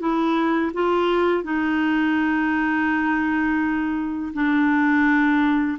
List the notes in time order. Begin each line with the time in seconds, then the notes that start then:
0.00 E4
0.74 F4
1.44 D#4
4.34 D4